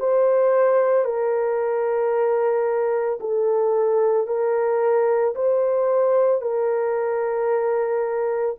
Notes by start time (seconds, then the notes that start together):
0.00 C5
1.05 A#4
3.20 A4
4.27 A#4
5.35 C5
6.41 A#4